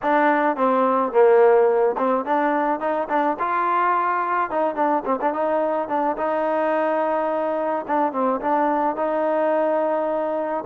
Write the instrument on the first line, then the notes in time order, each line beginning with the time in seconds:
trombone
0.02 D4
0.56 C4
1.12 A#3
1.97 C4
2.25 D4
2.80 D#4
3.09 D4
3.39 F4
4.50 D#4
4.75 D4
5.05 C4
5.21 D4
5.33 D#4
5.88 D4
6.17 D#4
7.87 D4
8.12 C4
8.41 D4
8.96 D#4